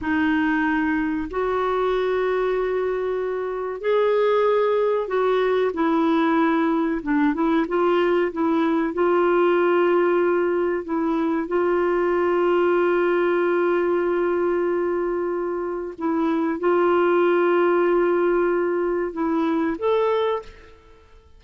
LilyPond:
\new Staff \with { instrumentName = "clarinet" } { \time 4/4 \tempo 4 = 94 dis'2 fis'2~ | fis'2 gis'2 | fis'4 e'2 d'8 e'8 | f'4 e'4 f'2~ |
f'4 e'4 f'2~ | f'1~ | f'4 e'4 f'2~ | f'2 e'4 a'4 | }